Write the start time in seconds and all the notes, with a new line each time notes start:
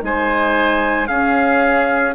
0.00 G#3 D#4 C5 G#5
1.07 C#4 G#4 F5